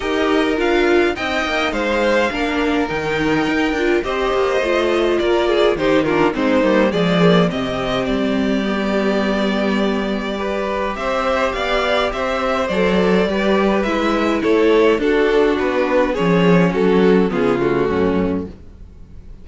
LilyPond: <<
  \new Staff \with { instrumentName = "violin" } { \time 4/4 \tempo 4 = 104 dis''4 f''4 g''4 f''4~ | f''4 g''2 dis''4~ | dis''4 d''4 c''8 ais'8 c''4 | d''4 dis''4 d''2~ |
d''2. e''4 | f''4 e''4 d''2 | e''4 cis''4 a'4 b'4 | cis''4 a'4 gis'8 fis'4. | }
  \new Staff \with { instrumentName = "violin" } { \time 4/4 ais'2 dis''4 c''4 | ais'2. c''4~ | c''4 ais'8 gis'8 g'8 f'8 dis'4 | gis'4 g'2.~ |
g'2 b'4 c''4 | d''4 c''2 b'4~ | b'4 a'4 fis'2 | gis'4 fis'4 f'4 cis'4 | }
  \new Staff \with { instrumentName = "viola" } { \time 4/4 g'4 f'4 dis'2 | d'4 dis'4. f'8 g'4 | f'2 dis'8 d'8 c'8 ais8 | gis8 ais8 c'2 b4~ |
b2 g'2~ | g'2 a'4 g'4 | e'2 d'2 | cis'2 b8 a4. | }
  \new Staff \with { instrumentName = "cello" } { \time 4/4 dis'4 d'4 c'8 ais8 gis4 | ais4 dis4 dis'8 d'8 c'8 ais8 | a4 ais4 dis4 gis8 g8 | f4 c4 g2~ |
g2. c'4 | b4 c'4 fis4 g4 | gis4 a4 d'4 b4 | f4 fis4 cis4 fis,4 | }
>>